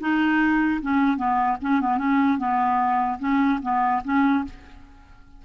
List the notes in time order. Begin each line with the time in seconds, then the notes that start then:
0.00 D#4
0.81 C#4
1.17 B3
1.61 C#4
1.81 B3
1.98 C#4
2.38 B3
3.19 C#4
3.62 B3
4.04 C#4